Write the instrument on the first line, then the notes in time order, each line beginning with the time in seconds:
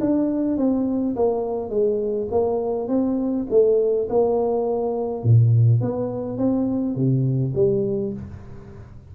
tuba
0.00 D4
0.57 C4
1.16 A#3
1.69 G#3
2.31 A#3
2.88 C4
3.50 A3
4.09 A#3
5.23 A#2
5.81 B3
6.38 C4
6.95 C3
7.55 G3